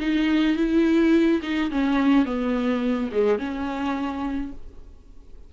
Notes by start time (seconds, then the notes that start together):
0.00 D#4
0.56 E4
1.42 D#4
1.71 C#4
2.25 B3
3.12 G#3
3.39 C#4